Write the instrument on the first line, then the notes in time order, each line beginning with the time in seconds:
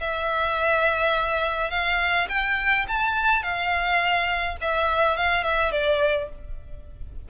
violin
0.00 E5
1.70 F5
2.28 G5
2.88 A5
3.42 F5
4.61 E5
5.16 F5
5.43 E5
5.71 D5